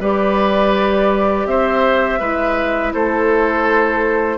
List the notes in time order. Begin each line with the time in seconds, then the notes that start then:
0.00 G3 G4 B4 D5
1.46 C4 C5 E5
2.19 G#3 E4 B4
2.93 A3 A4 C5